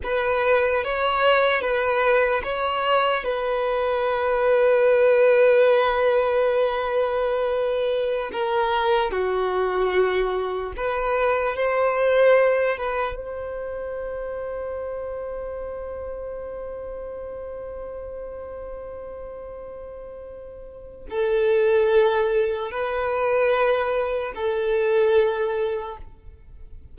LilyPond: \new Staff \with { instrumentName = "violin" } { \time 4/4 \tempo 4 = 74 b'4 cis''4 b'4 cis''4 | b'1~ | b'2~ b'16 ais'4 fis'8.~ | fis'4~ fis'16 b'4 c''4. b'16~ |
b'16 c''2.~ c''8.~ | c''1~ | c''2 a'2 | b'2 a'2 | }